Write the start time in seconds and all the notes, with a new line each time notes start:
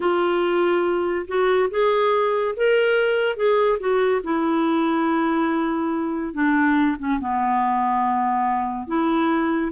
0.00 F4
1.27 F#4
1.70 G#4
2.56 A#4
3.36 G#4
3.79 F#4
4.23 E4
6.33 D4
6.98 C#4
7.19 B3
8.87 E4